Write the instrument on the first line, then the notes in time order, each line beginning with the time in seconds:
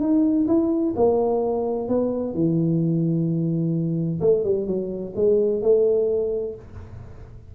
tuba
0.00 D#4
0.47 E4
0.96 A#3
1.88 B3
2.34 E3
4.21 A3
4.44 G3
4.66 F#3
5.15 G#3
5.62 A3